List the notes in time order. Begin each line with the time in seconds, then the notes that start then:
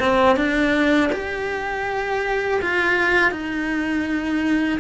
0.00 C4
0.37 D4
1.13 G4
2.62 F4
3.32 D#4